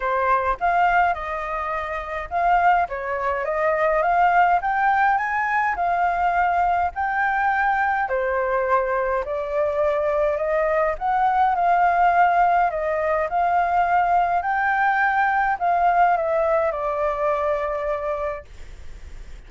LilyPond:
\new Staff \with { instrumentName = "flute" } { \time 4/4 \tempo 4 = 104 c''4 f''4 dis''2 | f''4 cis''4 dis''4 f''4 | g''4 gis''4 f''2 | g''2 c''2 |
d''2 dis''4 fis''4 | f''2 dis''4 f''4~ | f''4 g''2 f''4 | e''4 d''2. | }